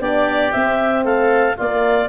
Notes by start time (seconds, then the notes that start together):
0.00 B3 D4 G4 D5
0.51 C4 E5
1.04 A3 A4 F5
1.56 A#3 F4 D5